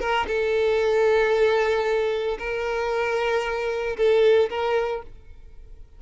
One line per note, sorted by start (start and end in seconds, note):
0.00 0.26 A#4
0.28 2.38 A4
2.39 3.97 A#4
3.97 4.50 A4
4.50 5.03 A#4